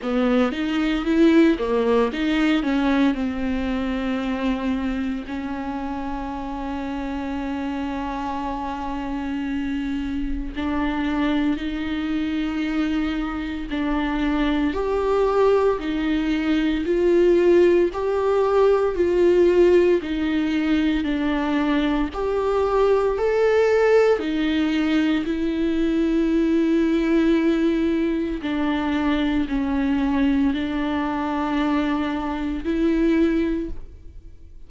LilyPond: \new Staff \with { instrumentName = "viola" } { \time 4/4 \tempo 4 = 57 b8 dis'8 e'8 ais8 dis'8 cis'8 c'4~ | c'4 cis'2.~ | cis'2 d'4 dis'4~ | dis'4 d'4 g'4 dis'4 |
f'4 g'4 f'4 dis'4 | d'4 g'4 a'4 dis'4 | e'2. d'4 | cis'4 d'2 e'4 | }